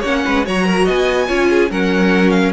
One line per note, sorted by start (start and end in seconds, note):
0.00 0.24 A#3
0.00 0.45 C#4
0.00 0.21 C#5
0.00 0.46 F#5
0.26 0.48 G#3
0.26 0.46 B4
0.45 0.88 F#3
0.45 1.28 F#4
0.45 0.66 C#5
0.45 0.88 A#5
0.66 0.85 A#4
0.85 1.29 B3
0.85 1.27 D#5
0.85 1.71 G#5
1.27 1.71 C#4
1.27 1.70 F4
1.27 1.48 C#5
1.50 1.71 G#4
1.70 2.53 F#3
1.70 2.53 C#4
1.70 2.53 A#4
1.70 2.30 F#5
2.30 2.51 F5